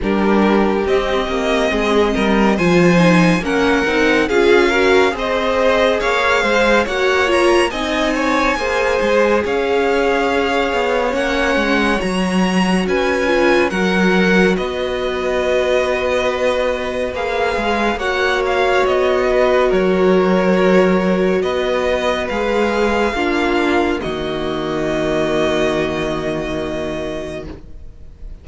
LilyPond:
<<
  \new Staff \with { instrumentName = "violin" } { \time 4/4 \tempo 4 = 70 ais'4 dis''2 gis''4 | fis''4 f''4 dis''4 f''4 | fis''8 ais''8 gis''2 f''4~ | f''4 fis''4 ais''4 gis''4 |
fis''4 dis''2. | f''4 fis''8 f''8 dis''4 cis''4~ | cis''4 dis''4 f''2 | dis''1 | }
  \new Staff \with { instrumentName = "violin" } { \time 4/4 g'2 gis'8 ais'8 c''4 | ais'4 gis'8 ais'8 c''4 cis''8 c''8 | cis''4 dis''8 cis''8 c''4 cis''4~ | cis''2. b'4 |
ais'4 b'2.~ | b'4 cis''4. b'8 ais'4~ | ais'4 b'2 f'4 | fis'1 | }
  \new Staff \with { instrumentName = "viola" } { \time 4/4 d'4 c'2 f'8 dis'8 | cis'8 dis'8 f'8 fis'8 gis'2 | fis'8 f'8 dis'4 gis'2~ | gis'4 cis'4 fis'4. f'8 |
fis'1 | gis'4 fis'2.~ | fis'2 gis'4 d'4 | ais1 | }
  \new Staff \with { instrumentName = "cello" } { \time 4/4 g4 c'8 ais8 gis8 g8 f4 | ais8 c'8 cis'4 c'4 ais8 gis8 | ais4 c'4 ais8 gis8 cis'4~ | cis'8 b8 ais8 gis8 fis4 cis'4 |
fis4 b2. | ais8 gis8 ais4 b4 fis4~ | fis4 b4 gis4 ais4 | dis1 | }
>>